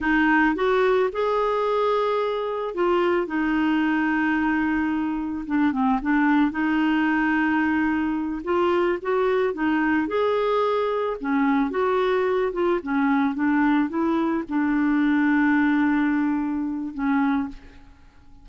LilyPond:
\new Staff \with { instrumentName = "clarinet" } { \time 4/4 \tempo 4 = 110 dis'4 fis'4 gis'2~ | gis'4 f'4 dis'2~ | dis'2 d'8 c'8 d'4 | dis'2.~ dis'8 f'8~ |
f'8 fis'4 dis'4 gis'4.~ | gis'8 cis'4 fis'4. f'8 cis'8~ | cis'8 d'4 e'4 d'4.~ | d'2. cis'4 | }